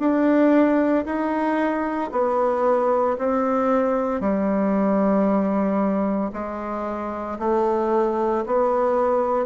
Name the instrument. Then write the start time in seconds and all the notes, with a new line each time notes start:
bassoon
0.00 D4
1.06 D#4
2.12 B3
3.19 C4
4.21 G3
6.33 G#3
7.40 A3
8.47 B3